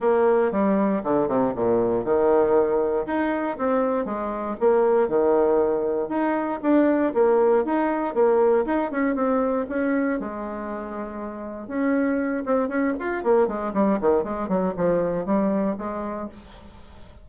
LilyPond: \new Staff \with { instrumentName = "bassoon" } { \time 4/4 \tempo 4 = 118 ais4 g4 d8 c8 ais,4 | dis2 dis'4 c'4 | gis4 ais4 dis2 | dis'4 d'4 ais4 dis'4 |
ais4 dis'8 cis'8 c'4 cis'4 | gis2. cis'4~ | cis'8 c'8 cis'8 f'8 ais8 gis8 g8 dis8 | gis8 fis8 f4 g4 gis4 | }